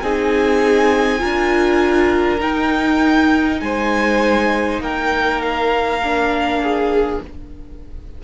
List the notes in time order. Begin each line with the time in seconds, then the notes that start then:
0.00 C4 D#4 G#4 G#5
1.19 D4 F4 A#4
2.39 D#4 G5
3.60 G#3 C5 G#5
4.79 A#3 A#4 G5
5.41 F5
6.03 D4
6.62 G#4